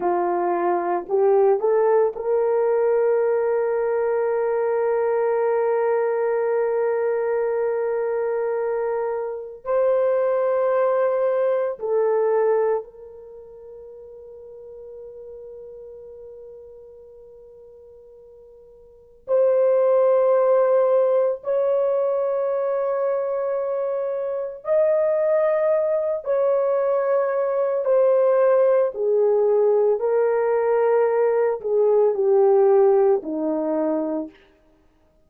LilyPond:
\new Staff \with { instrumentName = "horn" } { \time 4/4 \tempo 4 = 56 f'4 g'8 a'8 ais'2~ | ais'1~ | ais'4 c''2 a'4 | ais'1~ |
ais'2 c''2 | cis''2. dis''4~ | dis''8 cis''4. c''4 gis'4 | ais'4. gis'8 g'4 dis'4 | }